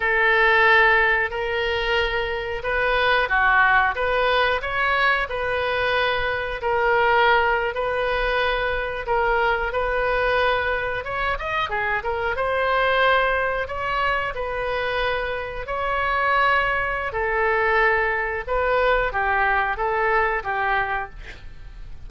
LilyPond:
\new Staff \with { instrumentName = "oboe" } { \time 4/4 \tempo 4 = 91 a'2 ais'2 | b'4 fis'4 b'4 cis''4 | b'2 ais'4.~ ais'16 b'16~ | b'4.~ b'16 ais'4 b'4~ b'16~ |
b'8. cis''8 dis''8 gis'8 ais'8 c''4~ c''16~ | c''8. cis''4 b'2 cis''16~ | cis''2 a'2 | b'4 g'4 a'4 g'4 | }